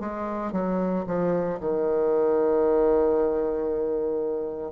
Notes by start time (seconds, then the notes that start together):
0.00 G#3
0.53 F#3
1.07 F3
1.60 D#3